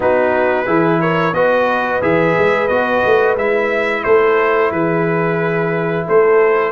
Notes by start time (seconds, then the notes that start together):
0.00 B3 D#4 F#4 B4
0.65 E3 E4 G#4
1.01 A#4 C#5
1.33 B3 F#4 B4 D#5
2.01 E3 G#4 E5
2.38 G#3
2.67 B3 F#4 D#5
3.05 A3
3.36 G#3 E4 E5
4.03 A3 A4 C5
4.71 E3 G#4 B4
6.06 A3 A4 C5